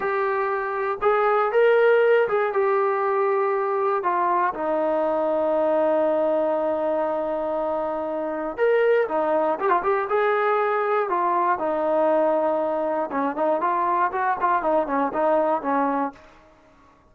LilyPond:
\new Staff \with { instrumentName = "trombone" } { \time 4/4 \tempo 4 = 119 g'2 gis'4 ais'4~ | ais'8 gis'8 g'2. | f'4 dis'2.~ | dis'1~ |
dis'4 ais'4 dis'4 g'16 f'16 g'8 | gis'2 f'4 dis'4~ | dis'2 cis'8 dis'8 f'4 | fis'8 f'8 dis'8 cis'8 dis'4 cis'4 | }